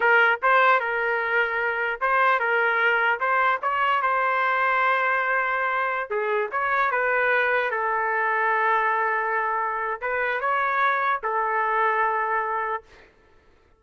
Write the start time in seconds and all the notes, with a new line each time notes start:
0.00 A#4
0.42 C5
0.79 A#4
2.00 C5
2.39 A#4
3.19 C5
3.61 C#5
4.01 C5
6.10 G#4
6.51 C#5
6.91 B4
7.70 A4
10.01 B4
10.40 C#5
11.23 A4